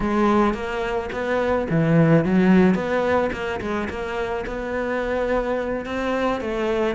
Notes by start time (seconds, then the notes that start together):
0.00 G#3
0.54 A#3
1.12 B3
1.69 E3
2.24 F#3
2.74 B3
3.32 A#3
3.60 G#3
3.89 A#3
4.46 B3
5.85 C4
6.40 A3